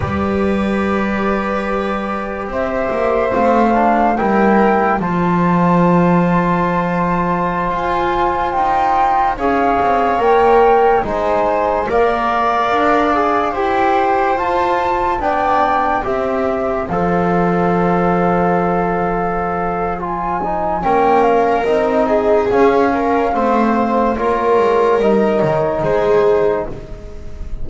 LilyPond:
<<
  \new Staff \with { instrumentName = "flute" } { \time 4/4 \tempo 4 = 72 d''2. e''4 | f''4 g''4 a''2~ | a''4~ a''16 gis''4 g''4 f''8.~ | f''16 g''4 gis''4 f''4.~ f''16~ |
f''16 g''4 a''4 g''4 e''8.~ | e''16 f''2.~ f''8. | gis''4 g''8 f''8 dis''4 f''4~ | f''4 cis''4 dis''8 cis''8 c''4 | }
  \new Staff \with { instrumentName = "viola" } { \time 4/4 b'2. c''4~ | c''4 ais'4 c''2~ | c''2.~ c''16 cis''8.~ | cis''4~ cis''16 c''4 d''4.~ d''16~ |
d''16 c''2 d''4 c''8.~ | c''1~ | c''4 ais'4. gis'4 ais'8 | c''4 ais'2 gis'4 | }
  \new Staff \with { instrumentName = "trombone" } { \time 4/4 g'1 | c'8 d'8 e'4 f'2~ | f'2.~ f'16 gis'8.~ | gis'16 ais'4 dis'4 ais'4. gis'16~ |
gis'16 g'4 f'4 d'4 g'8.~ | g'16 a'2.~ a'8. | f'8 dis'8 cis'4 dis'4 cis'4 | c'4 f'4 dis'2 | }
  \new Staff \with { instrumentName = "double bass" } { \time 4/4 g2. c'8 ais8 | a4 g4 f2~ | f4~ f16 f'4 dis'4 cis'8 c'16~ | c'16 ais4 gis4 ais4 d'8.~ |
d'16 e'4 f'4 b4 c'8.~ | c'16 f2.~ f8.~ | f4 ais4 c'4 cis'4 | a4 ais8 gis8 g8 dis8 gis4 | }
>>